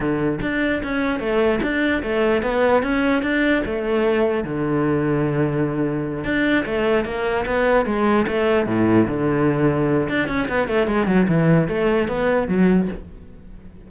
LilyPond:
\new Staff \with { instrumentName = "cello" } { \time 4/4 \tempo 4 = 149 d4 d'4 cis'4 a4 | d'4 a4 b4 cis'4 | d'4 a2 d4~ | d2.~ d8 d'8~ |
d'8 a4 ais4 b4 gis8~ | gis8 a4 a,4 d4.~ | d4 d'8 cis'8 b8 a8 gis8 fis8 | e4 a4 b4 fis4 | }